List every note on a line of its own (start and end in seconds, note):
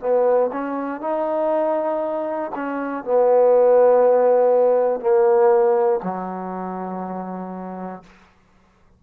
0.00 0.50 B3
0.52 1.01 C#4
1.01 2.51 D#4
2.55 3.04 C#4
3.04 5.00 B3
5.00 6.00 A#3
6.03 8.03 F#3